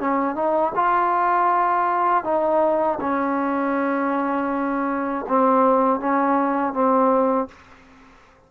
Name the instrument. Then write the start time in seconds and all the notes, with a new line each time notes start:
trombone
0.00 C#4
0.35 D#4
0.75 F4
2.24 D#4
3.00 C#4
5.28 C4
6.00 C#4
6.73 C4